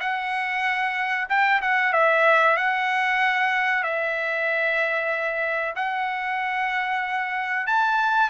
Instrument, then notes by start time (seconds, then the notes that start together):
trumpet
0.00 F#5
1.29 G5
1.62 F#5
1.93 E5
2.57 F#5
3.83 E5
5.76 F#5
7.67 A5